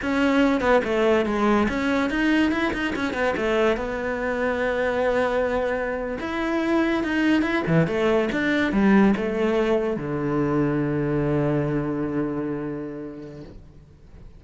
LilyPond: \new Staff \with { instrumentName = "cello" } { \time 4/4 \tempo 4 = 143 cis'4. b8 a4 gis4 | cis'4 dis'4 e'8 dis'8 cis'8 b8 | a4 b2.~ | b2~ b8. e'4~ e'16~ |
e'8. dis'4 e'8 e8 a4 d'16~ | d'8. g4 a2 d16~ | d1~ | d1 | }